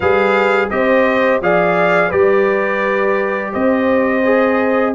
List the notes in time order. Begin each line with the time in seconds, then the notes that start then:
0.00 G3 G#4 B4 F5
0.69 C4 G4 C5 D#5
1.41 F3 G#4 D5 F5
2.09 G3 G4 B4 D5
3.52 C4 C5 D#5
4.24 G#4